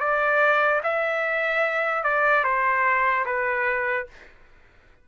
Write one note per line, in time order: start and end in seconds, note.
0.00 0.81 D5
0.83 2.03 E5
2.03 2.44 D5
2.44 3.25 C5
3.26 4.07 B4